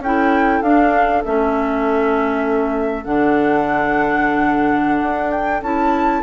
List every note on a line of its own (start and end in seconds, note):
0.00 0.61 C#4
0.00 0.64 E4
0.00 6.23 A4
0.00 0.62 G5
0.62 1.23 D4
0.62 1.24 D4
0.62 1.23 F5
1.25 3.05 A3
1.25 3.05 C#4
1.25 3.05 E5
3.05 5.02 D3
3.05 5.62 D4
3.05 5.31 F#5
5.02 5.62 D4
5.31 5.61 G5
5.62 6.22 C#4
5.62 6.23 E4
5.62 6.23 A5